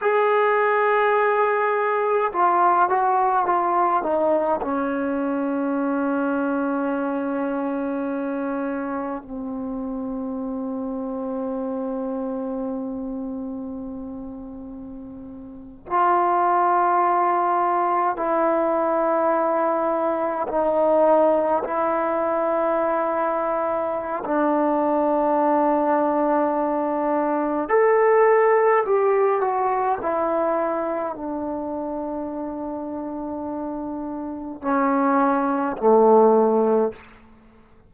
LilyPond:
\new Staff \with { instrumentName = "trombone" } { \time 4/4 \tempo 4 = 52 gis'2 f'8 fis'8 f'8 dis'8 | cis'1 | c'1~ | c'4.~ c'16 f'2 e'16~ |
e'4.~ e'16 dis'4 e'4~ e'16~ | e'4 d'2. | a'4 g'8 fis'8 e'4 d'4~ | d'2 cis'4 a4 | }